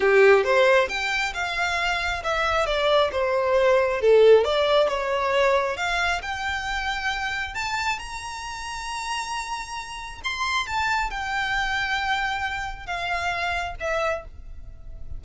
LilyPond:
\new Staff \with { instrumentName = "violin" } { \time 4/4 \tempo 4 = 135 g'4 c''4 g''4 f''4~ | f''4 e''4 d''4 c''4~ | c''4 a'4 d''4 cis''4~ | cis''4 f''4 g''2~ |
g''4 a''4 ais''2~ | ais''2. c'''4 | a''4 g''2.~ | g''4 f''2 e''4 | }